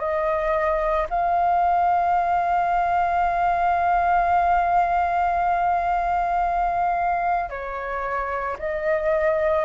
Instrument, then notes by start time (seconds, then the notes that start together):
flute
0.00 D#5
1.10 F5
7.50 C#5
8.59 D#5